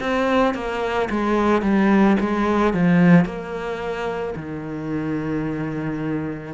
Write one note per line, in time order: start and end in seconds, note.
0.00 0.55 C4
0.55 1.09 A#3
1.10 1.62 G#3
1.62 2.17 G3
2.20 2.74 G#3
2.74 3.25 F3
3.25 4.34 A#3
4.36 6.54 D#3